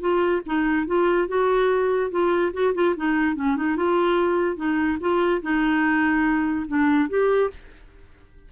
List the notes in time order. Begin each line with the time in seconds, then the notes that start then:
0.00 F4
0.46 D#4
0.86 F4
1.28 F#4
2.10 F4
2.53 F#4
2.74 F4
2.96 D#4
3.35 C#4
3.56 D#4
3.76 F4
4.56 D#4
5.00 F4
5.42 D#4
6.68 D4
7.09 G4